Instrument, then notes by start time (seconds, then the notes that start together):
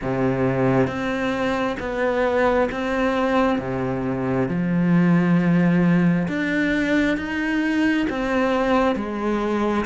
cello
0.02 C3
0.87 C4
1.79 B3
2.71 C4
3.59 C3
4.48 F3
6.27 D4
7.17 D#4
8.09 C4
8.95 G#3